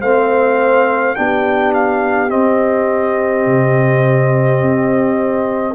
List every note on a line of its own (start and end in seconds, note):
0.00 1.17 A3
0.00 1.15 C4
0.00 1.15 C5
0.00 1.15 F5
1.15 2.31 B3
1.15 2.29 D4
1.15 5.75 G4
1.15 1.73 G5
1.74 2.30 F5
2.29 5.75 C4
2.29 3.46 C4
2.29 5.75 D#5
3.46 4.61 C3
4.62 5.75 C4